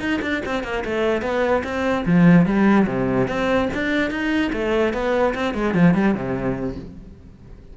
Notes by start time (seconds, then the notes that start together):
0.00 D#4
0.22 D4
0.46 C4
0.64 A#3
0.85 A3
1.22 B3
1.64 C4
2.06 F3
2.46 G3
2.87 C3
3.28 C4
3.74 D4
4.11 D#4
4.53 A3
4.94 B3
5.35 C4
5.55 G#3
5.74 F3
5.95 G3
6.15 C3